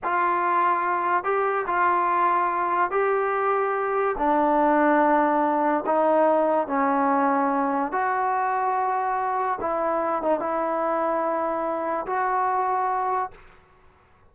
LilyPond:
\new Staff \with { instrumentName = "trombone" } { \time 4/4 \tempo 4 = 144 f'2. g'4 | f'2. g'4~ | g'2 d'2~ | d'2 dis'2 |
cis'2. fis'4~ | fis'2. e'4~ | e'8 dis'8 e'2.~ | e'4 fis'2. | }